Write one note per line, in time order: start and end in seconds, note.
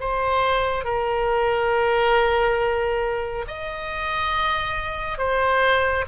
0.00 0.84 C5
0.84 3.45 A#4
3.47 5.17 D#5
5.17 6.04 C5